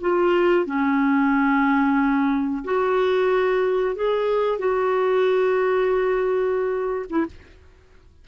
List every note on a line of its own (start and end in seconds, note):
0.00 0.66 F4
0.66 2.63 C#4
2.64 3.95 F#4
3.95 4.58 G#4
4.58 7.05 F#4
7.09 7.26 E4